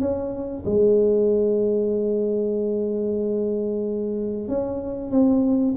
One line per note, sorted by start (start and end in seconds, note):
0.00 0.64 C#4
0.66 4.48 G#3
4.48 5.11 C#4
5.11 5.74 C4